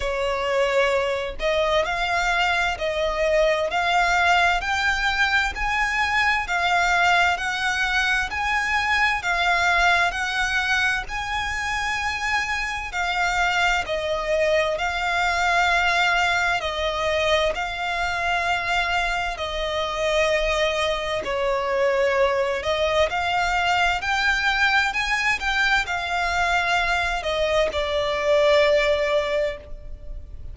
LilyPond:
\new Staff \with { instrumentName = "violin" } { \time 4/4 \tempo 4 = 65 cis''4. dis''8 f''4 dis''4 | f''4 g''4 gis''4 f''4 | fis''4 gis''4 f''4 fis''4 | gis''2 f''4 dis''4 |
f''2 dis''4 f''4~ | f''4 dis''2 cis''4~ | cis''8 dis''8 f''4 g''4 gis''8 g''8 | f''4. dis''8 d''2 | }